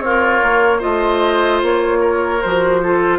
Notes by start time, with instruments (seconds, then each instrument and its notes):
0.00 bassoon C4, oboe F4, clarinet A#4, flute C#5
0.43 bassoon A#3
0.79 bassoon A3, clarinet F4, oboe C5, flute D#5
1.63 bassoon A#3, flute C#5
2.00 oboe A#4
2.42 bassoon F3, clarinet F#4, flute C5
2.83 clarinet F4, oboe A4